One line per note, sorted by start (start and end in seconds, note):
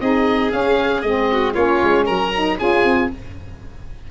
0.00 0.52 C4
0.00 0.50 D#4
0.00 1.31 G#4
0.00 0.52 D#5
0.50 1.02 C#4
0.50 1.03 C#4
0.50 1.01 F5
1.01 1.55 G#3
1.01 1.55 C4
1.01 1.53 D#5
1.32 1.54 F#4
1.54 1.81 A#3
1.54 2.32 C#4
1.54 2.05 F4
1.54 2.06 C#5
1.83 2.09 G#3
2.05 2.60 F#3
2.05 2.57 A#4
2.05 2.58 A#5
2.35 2.59 D#4
2.59 2.84 C#4
2.59 3.10 F4
2.59 3.10 G#4
2.59 3.11 G#5
2.84 3.10 C4